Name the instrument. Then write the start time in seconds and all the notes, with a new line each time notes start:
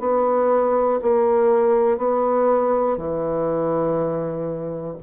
bassoon
0.00 B3
1.02 A#3
1.98 B3
2.98 E3